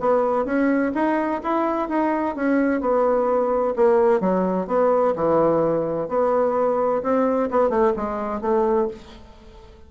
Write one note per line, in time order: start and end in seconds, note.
0.00 0.45 B3
0.45 0.92 C#4
0.94 1.41 D#4
1.43 1.88 E4
1.88 2.35 D#4
2.35 2.81 C#4
2.81 3.74 B3
3.76 4.20 A#3
4.20 4.67 F#3
4.67 5.14 B3
5.15 6.08 E3
6.08 7.02 B3
7.03 7.50 C4
7.51 7.69 B3
7.69 7.93 A3
7.96 8.41 G#3
8.41 8.88 A3